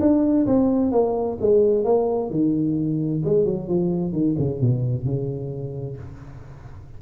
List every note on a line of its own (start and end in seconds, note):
0.00 0.46 D4
0.46 0.92 C4
0.92 1.38 A#3
1.41 1.84 G#3
1.84 2.30 A#3
2.30 3.23 D#3
3.25 3.45 G#3
3.45 3.68 F#3
3.68 4.12 F3
4.12 4.36 D#3
4.38 4.61 C#3
4.61 5.05 B2
5.05 5.97 C#3